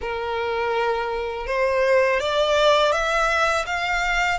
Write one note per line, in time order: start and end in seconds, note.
0.01 1.46 A#4
1.46 2.20 C5
2.20 2.92 D5
2.92 3.65 E5
3.66 4.38 F5